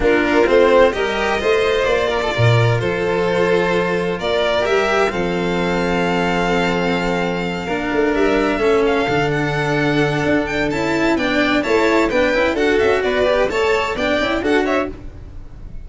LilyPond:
<<
  \new Staff \with { instrumentName = "violin" } { \time 4/4 \tempo 4 = 129 ais'4 c''4 dis''2 | d''2 c''2~ | c''4 d''4 e''4 f''4~ | f''1~ |
f''4. e''4. f''4 | fis''2~ fis''8 g''8 a''4 | g''4 a''4 g''4 fis''8 e''8 | d''4 a''4 g''4 fis''8 e''8 | }
  \new Staff \with { instrumentName = "violin" } { \time 4/4 f'2 ais'4 c''4~ | c''8 ais'16 a'16 ais'4 a'2~ | a'4 ais'2 a'4~ | a'1~ |
a'8 ais'2 a'4.~ | a'1 | d''4 cis''4 b'4 a'4 | b'4 cis''4 d''4 a'8 cis''8 | }
  \new Staff \with { instrumentName = "cello" } { \time 4/4 d'4 c'4 g'4 f'4~ | f'1~ | f'2 g'4 c'4~ | c'1~ |
c'8 d'2 cis'4 d'8~ | d'2. e'4 | d'4 e'4 d'8 e'8 fis'4~ | fis'8 g'8 a'4 d'8 e'8 fis'4 | }
  \new Staff \with { instrumentName = "tuba" } { \time 4/4 ais4 a4 g4 a4 | ais4 ais,4 f2~ | f4 ais4 g4 f4~ | f1~ |
f8 ais8 a8 g4 a4 d8~ | d2 d'4 cis'4 | b4 a4 b8 cis'8 d'8 cis'8 | b4 a4 b8 cis'8 d'4 | }
>>